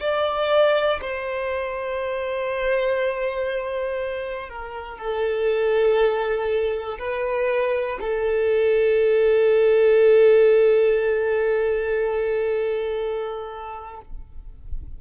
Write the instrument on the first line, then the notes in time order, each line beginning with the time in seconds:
violin
0.00 D5
1.01 C5
4.49 A#4
4.98 A4
6.98 B4
8.00 A4